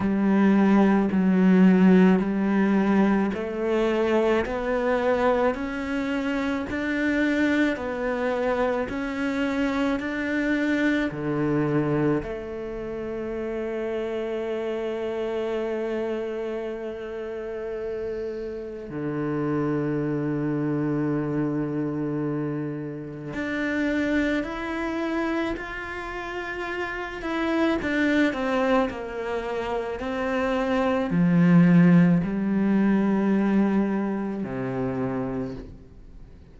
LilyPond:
\new Staff \with { instrumentName = "cello" } { \time 4/4 \tempo 4 = 54 g4 fis4 g4 a4 | b4 cis'4 d'4 b4 | cis'4 d'4 d4 a4~ | a1~ |
a4 d2.~ | d4 d'4 e'4 f'4~ | f'8 e'8 d'8 c'8 ais4 c'4 | f4 g2 c4 | }